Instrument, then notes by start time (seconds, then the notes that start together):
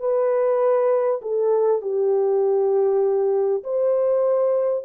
horn
0.00 B4
1.22 A4
1.82 G4
3.64 C5